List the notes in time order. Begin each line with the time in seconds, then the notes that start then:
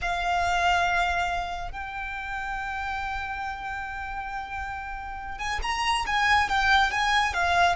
0.01 F5
1.71 G5
5.38 G#5
5.62 A#5
6.06 G#5
6.49 G5
6.91 G#5
7.33 F5